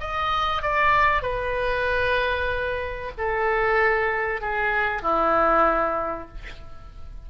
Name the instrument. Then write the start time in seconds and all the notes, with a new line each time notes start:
oboe
0.00 D#5
0.62 D5
1.22 B4
3.18 A4
4.41 G#4
5.02 E4